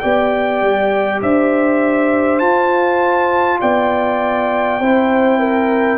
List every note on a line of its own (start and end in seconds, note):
0.00 0.62 B3
0.00 2.41 G4
0.00 1.22 D5
0.00 1.20 G5
0.62 1.22 G3
1.22 2.41 D4
1.22 3.60 C5
1.22 2.39 E5
2.39 4.80 F4
2.39 3.61 F4
2.39 3.59 A5
3.60 4.80 B3
3.60 4.79 D5
3.60 5.98 G5
4.79 5.98 C4
4.79 5.98 E4
4.79 5.39 C5
5.39 5.98 A#4